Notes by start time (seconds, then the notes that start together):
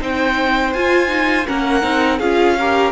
0.00 C4 D#4 C5 G5
0.73 F4 G#5
1.08 D#4
1.47 A#3 C#4 A#4 F#5
1.82 C4 D#4
2.19 C#4 F4 G#4 F5
2.59 G4 A#4